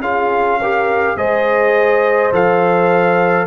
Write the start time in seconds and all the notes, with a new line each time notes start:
0.00 C#4 F4 G#4 F5
0.60 G4 A#4
1.16 G#3 G#4 C5 D#5
2.32 F3 A4 F5